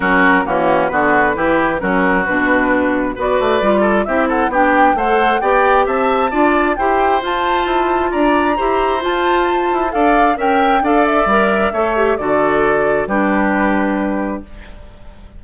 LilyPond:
<<
  \new Staff \with { instrumentName = "flute" } { \time 4/4 \tempo 4 = 133 ais'4 fis'4 b'2 | ais'4 b'2 d''4~ | d''4 e''8 fis''8 g''4 fis''4 | g''4 a''2 g''4 |
a''2 ais''2 | a''2 f''4 g''4 | f''8 e''2~ e''8 d''4~ | d''4 b'2. | }
  \new Staff \with { instrumentName = "oboe" } { \time 4/4 fis'4 cis'4 fis'4 g'4 | fis'2. b'4~ | b'8 a'8 g'8 a'8 g'4 c''4 | d''4 e''4 d''4 c''4~ |
c''2 d''4 c''4~ | c''2 d''4 e''4 | d''2 cis''4 a'4~ | a'4 g'2. | }
  \new Staff \with { instrumentName = "clarinet" } { \time 4/4 cis'4 ais4 b4 e'4 | cis'4 d'2 fis'4 | f'4 e'4 d'4 a'4 | g'2 f'4 g'4 |
f'2. g'4 | f'2 a'4 ais'4 | a'4 ais'4 a'8 g'8 fis'4~ | fis'4 d'2. | }
  \new Staff \with { instrumentName = "bassoon" } { \time 4/4 fis4 e4 d4 e4 | fis4 b,2 b8 a8 | g4 c'4 b4 a4 | b4 c'4 d'4 e'4 |
f'4 e'4 d'4 e'4 | f'4. e'8 d'4 cis'4 | d'4 g4 a4 d4~ | d4 g2. | }
>>